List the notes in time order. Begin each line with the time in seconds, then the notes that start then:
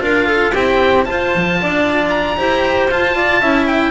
0.00 D4 F4 A#4 F5
0.27 A4
0.53 C4 E4 G4 G5
1.05 F4 C5 A5
1.35 F3
1.62 D4 D5
2.10 A#5
2.37 E4 G4 C5
2.90 F4 A5
3.16 D5
3.40 C#4 E4 E5
3.67 G5